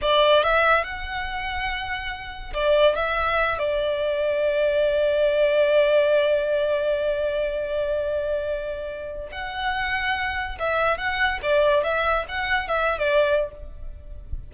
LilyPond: \new Staff \with { instrumentName = "violin" } { \time 4/4 \tempo 4 = 142 d''4 e''4 fis''2~ | fis''2 d''4 e''4~ | e''8 d''2.~ d''8~ | d''1~ |
d''1~ | d''2 fis''2~ | fis''4 e''4 fis''4 d''4 | e''4 fis''4 e''8. d''4~ d''16 | }